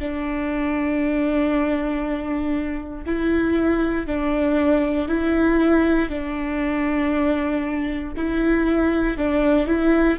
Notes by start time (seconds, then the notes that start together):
0.00 D4
3.06 E4
4.07 D4
5.09 E4
6.10 D4
8.17 E4
9.18 D4
9.67 E4